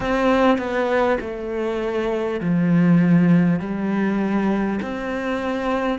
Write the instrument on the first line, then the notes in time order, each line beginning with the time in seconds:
cello
0.00 C4
0.58 B3
1.20 A3
2.40 F3
3.59 G3
4.82 C4